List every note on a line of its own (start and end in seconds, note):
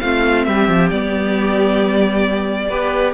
0.00 0.47 A3
0.00 0.92 C4
0.00 0.48 F4
0.00 0.45 F5
0.45 0.68 G3
0.45 2.70 G4
0.45 0.89 E5
0.68 0.91 F3
0.90 2.70 G3
0.90 2.70 B3
0.90 3.14 D5
2.70 3.14 B3
2.70 3.14 G4
2.70 3.14 B4